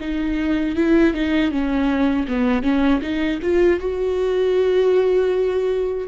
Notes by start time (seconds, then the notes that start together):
0.00 D#4
0.76 E4
1.13 D#4
1.51 C#4
2.28 B3
2.62 C#4
3.01 D#4
3.42 F4
3.79 F#4